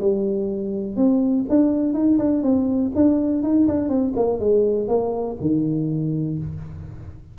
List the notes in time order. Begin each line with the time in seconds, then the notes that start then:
0.00 G3
0.97 C4
1.49 D4
1.94 D#4
2.19 D4
2.43 C4
2.96 D4
3.43 D#4
3.68 D4
3.89 C4
4.16 A#3
4.40 G#3
4.88 A#3
5.41 D#3